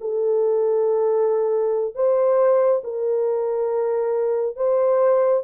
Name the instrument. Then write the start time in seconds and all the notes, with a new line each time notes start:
horn
0.00 A4
1.94 C5
2.83 A#4
4.56 C5